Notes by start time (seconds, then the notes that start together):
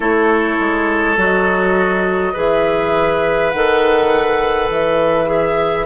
0.00 A3 E4 A4 C#5
0.59 G#3
1.16 F#3 F#4 D#5
2.33 E3 G#4 B4 E5
3.50 D#3 A4 F#5
4.70 E3 E5
5.26 G#4 E5